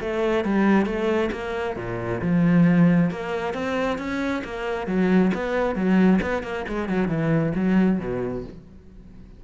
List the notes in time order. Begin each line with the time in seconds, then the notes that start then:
0.00 A3
0.44 G3
0.85 A3
1.31 A#3
1.76 A#2
2.21 F3
3.10 A#3
3.53 C4
3.98 C#4
4.44 A#3
4.86 F#3
5.34 B3
5.75 F#3
6.21 B3
6.43 A#3
6.68 G#3
6.88 F#3
7.08 E3
7.55 F#3
7.99 B2